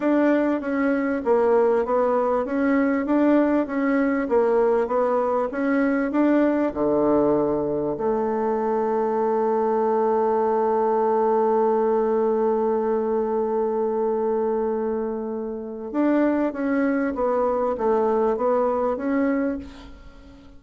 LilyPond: \new Staff \with { instrumentName = "bassoon" } { \time 4/4 \tempo 4 = 98 d'4 cis'4 ais4 b4 | cis'4 d'4 cis'4 ais4 | b4 cis'4 d'4 d4~ | d4 a2.~ |
a1~ | a1~ | a2 d'4 cis'4 | b4 a4 b4 cis'4 | }